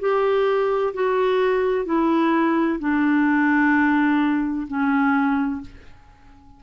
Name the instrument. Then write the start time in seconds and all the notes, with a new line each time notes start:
clarinet
0.00 G4
0.94 F#4
1.85 E4
2.80 D4
4.67 C#4